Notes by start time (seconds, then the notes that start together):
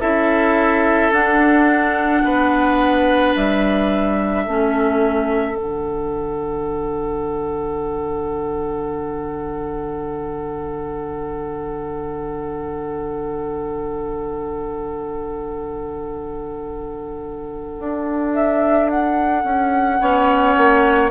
0.00 C#4 E4 A4 E5
1.11 D4 F#5
2.24 B3 B4
3.36 G3 E5
4.45 A3 C#4 A4
5.56 D3 D4 F#5
17.79 D4
18.34 E5
18.90 F#5
19.44 C#4
20.00 B3 C#4 C#5
20.57 A#3